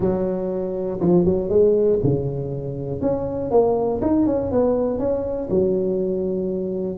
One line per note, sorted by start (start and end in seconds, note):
0.00 1.00 F#3
1.00 1.24 F3
1.24 1.49 F#3
1.49 1.99 G#3
2.03 3.01 C#3
3.01 3.50 C#4
3.50 4.00 A#3
4.01 4.26 D#4
4.26 4.51 C#4
4.51 4.99 B3
4.99 5.49 C#4
5.50 6.97 F#3